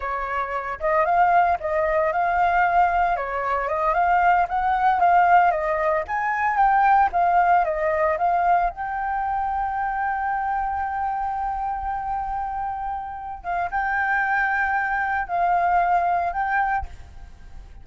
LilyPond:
\new Staff \with { instrumentName = "flute" } { \time 4/4 \tempo 4 = 114 cis''4. dis''8 f''4 dis''4 | f''2 cis''4 dis''8 f''8~ | f''8 fis''4 f''4 dis''4 gis''8~ | gis''8 g''4 f''4 dis''4 f''8~ |
f''8 g''2.~ g''8~ | g''1~ | g''4. f''8 g''2~ | g''4 f''2 g''4 | }